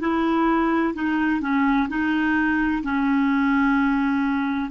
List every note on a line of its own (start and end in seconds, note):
0.00 0.94 E4
0.94 1.41 D#4
1.41 1.88 C#4
1.89 2.83 D#4
2.83 4.70 C#4